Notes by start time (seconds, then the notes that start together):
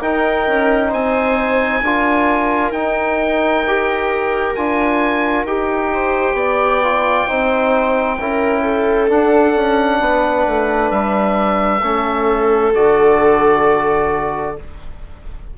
0.00 D#4 A#4 G5
0.47 C#4
0.89 C4 C5 G#5
1.81 D4 F4 A#4
2.71 D#4 G5
3.67 G4
4.55 D4 F4 G#5
5.44 D#4 G4 G5
5.93 C5
6.33 B3 D5
6.83 F4
7.27 C4 D#4 C5
8.19 C#4 E4 A#4
8.62 A4
9.08 D4 F#5
9.55 C#4
10.00 B3 B4
10.46 A3
10.91 G3 E5
11.82 A3 C#4 A4
12.74 D3 F#4 D5